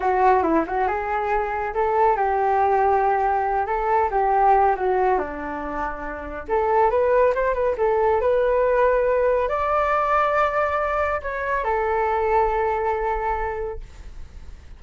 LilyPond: \new Staff \with { instrumentName = "flute" } { \time 4/4 \tempo 4 = 139 fis'4 e'8 fis'8 gis'2 | a'4 g'2.~ | g'8 a'4 g'4. fis'4 | d'2. a'4 |
b'4 c''8 b'8 a'4 b'4~ | b'2 d''2~ | d''2 cis''4 a'4~ | a'1 | }